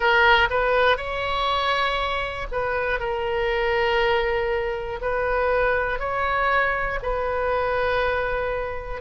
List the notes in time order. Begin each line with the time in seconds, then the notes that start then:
0.00 A#4
0.50 B4
0.97 C#5
2.51 B4
2.99 A#4
5.01 B4
5.99 C#5
7.02 B4